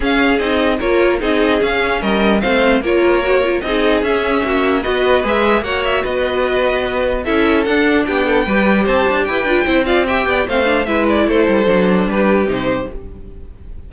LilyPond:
<<
  \new Staff \with { instrumentName = "violin" } { \time 4/4 \tempo 4 = 149 f''4 dis''4 cis''4 dis''4 | f''4 dis''4 f''4 cis''4~ | cis''4 dis''4 e''2 | dis''4 e''4 fis''8 e''8 dis''4~ |
dis''2 e''4 fis''4 | g''2 a''4 g''4~ | g''8 f''8 g''4 f''4 e''8 d''8 | c''2 b'4 c''4 | }
  \new Staff \with { instrumentName = "violin" } { \time 4/4 gis'2 ais'4 gis'4~ | gis'4 ais'4 c''4 ais'4~ | ais'4 gis'2 fis'4 | b'2 cis''4 b'4~ |
b'2 a'2 | g'8 a'8 b'4 c''4 b'4 | c''8 d''8 e''8 d''8 c''4 b'4 | a'2 g'2 | }
  \new Staff \with { instrumentName = "viola" } { \time 4/4 cis'4 dis'4 f'4 dis'4 | cis'2 c'4 f'4 | fis'8 f'8 dis'4 cis'2 | fis'4 gis'4 fis'2~ |
fis'2 e'4 d'4~ | d'4 g'2~ g'8 f'8 | e'8 f'8 g'4 c'8 d'8 e'4~ | e'4 d'2 dis'4 | }
  \new Staff \with { instrumentName = "cello" } { \time 4/4 cis'4 c'4 ais4 c'4 | cis'4 g4 a4 ais4~ | ais4 c'4 cis'4 ais4 | b4 gis4 ais4 b4~ |
b2 cis'4 d'4 | b4 g4 c'8 d'8 e'8 d'8 | c'4. b8 a4 gis4 | a8 g8 fis4 g4 c4 | }
>>